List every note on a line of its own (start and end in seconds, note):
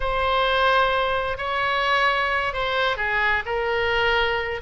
0.00 1.37 C5
1.37 2.53 C#5
2.53 2.96 C5
2.96 3.43 G#4
3.45 4.61 A#4